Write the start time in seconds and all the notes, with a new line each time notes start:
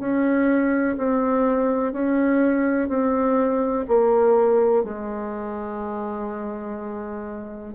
0.00 C#4
0.98 C4
1.93 C#4
2.89 C4
3.88 A#3
4.84 G#3